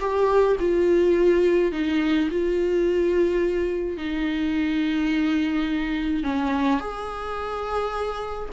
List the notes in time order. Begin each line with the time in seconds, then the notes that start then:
0.00 G4
0.60 F4
1.72 D#4
2.31 F4
3.98 D#4
6.24 C#4
6.80 G#4